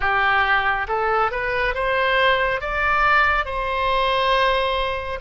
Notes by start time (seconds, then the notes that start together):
0.00 G4
0.88 A4
1.30 B4
1.74 C5
2.60 D5
3.45 C5